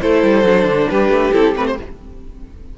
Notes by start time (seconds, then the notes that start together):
0.00 A3 E4 A4 C5
0.23 G3
0.44 F#3 D4
0.64 D3
0.89 G3 G4 B4
1.09 A3
1.32 C4 E4 A4
1.55 A3 C4 B4
1.67 C5